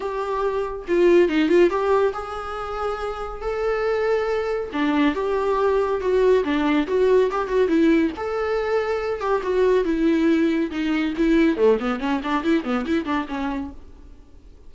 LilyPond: \new Staff \with { instrumentName = "viola" } { \time 4/4 \tempo 4 = 140 g'2 f'4 dis'8 f'8 | g'4 gis'2. | a'2. d'4 | g'2 fis'4 d'4 |
fis'4 g'8 fis'8 e'4 a'4~ | a'4. g'8 fis'4 e'4~ | e'4 dis'4 e'4 a8 b8 | cis'8 d'8 e'8 b8 e'8 d'8 cis'4 | }